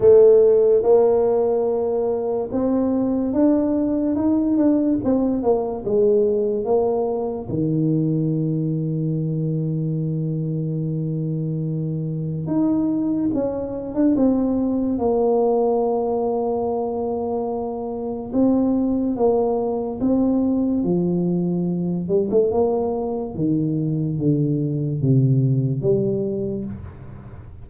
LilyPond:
\new Staff \with { instrumentName = "tuba" } { \time 4/4 \tempo 4 = 72 a4 ais2 c'4 | d'4 dis'8 d'8 c'8 ais8 gis4 | ais4 dis2.~ | dis2. dis'4 |
cis'8. d'16 c'4 ais2~ | ais2 c'4 ais4 | c'4 f4. g16 a16 ais4 | dis4 d4 c4 g4 | }